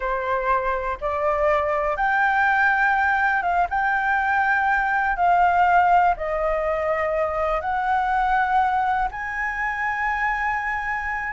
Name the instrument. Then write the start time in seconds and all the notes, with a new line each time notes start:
flute
0.00 C5
1.01 D5
1.96 G5
3.42 F5
3.69 G5
5.16 F5
6.16 D#5
7.60 F#5
9.11 G#5